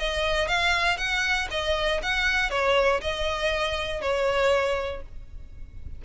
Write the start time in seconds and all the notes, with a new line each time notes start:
0.00 D#5
0.48 F5
0.98 F#5
1.51 D#5
2.03 F#5
2.51 C#5
3.01 D#5
4.02 C#5